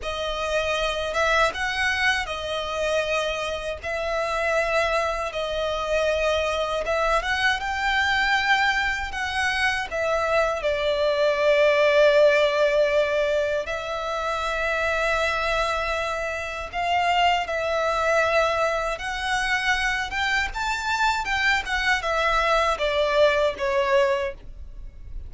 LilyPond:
\new Staff \with { instrumentName = "violin" } { \time 4/4 \tempo 4 = 79 dis''4. e''8 fis''4 dis''4~ | dis''4 e''2 dis''4~ | dis''4 e''8 fis''8 g''2 | fis''4 e''4 d''2~ |
d''2 e''2~ | e''2 f''4 e''4~ | e''4 fis''4. g''8 a''4 | g''8 fis''8 e''4 d''4 cis''4 | }